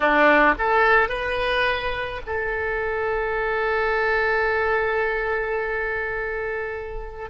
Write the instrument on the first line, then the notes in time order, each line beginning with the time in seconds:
oboe
0.00 D4
0.58 A4
1.09 B4
2.26 A4